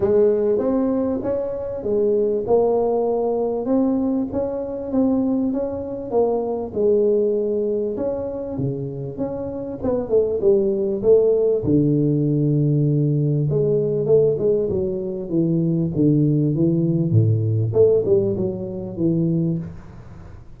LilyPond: \new Staff \with { instrumentName = "tuba" } { \time 4/4 \tempo 4 = 98 gis4 c'4 cis'4 gis4 | ais2 c'4 cis'4 | c'4 cis'4 ais4 gis4~ | gis4 cis'4 cis4 cis'4 |
b8 a8 g4 a4 d4~ | d2 gis4 a8 gis8 | fis4 e4 d4 e4 | a,4 a8 g8 fis4 e4 | }